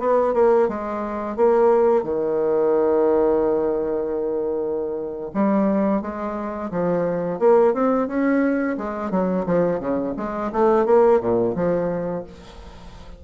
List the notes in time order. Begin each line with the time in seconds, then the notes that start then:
0.00 B3
0.34 A#3
0.69 G#3
1.37 A#3
2.04 D#3
5.34 G3
6.02 G#3
6.71 F3
7.39 A#3
7.74 C4
8.08 C#4
8.78 G#3
9.11 F#3
9.46 F3
9.80 C#3
10.17 G#3
10.53 A3
10.86 A#3
11.21 A#2
11.56 F3